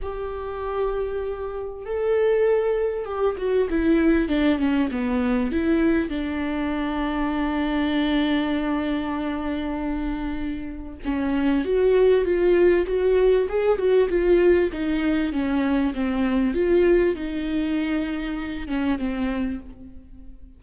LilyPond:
\new Staff \with { instrumentName = "viola" } { \time 4/4 \tempo 4 = 98 g'2. a'4~ | a'4 g'8 fis'8 e'4 d'8 cis'8 | b4 e'4 d'2~ | d'1~ |
d'2 cis'4 fis'4 | f'4 fis'4 gis'8 fis'8 f'4 | dis'4 cis'4 c'4 f'4 | dis'2~ dis'8 cis'8 c'4 | }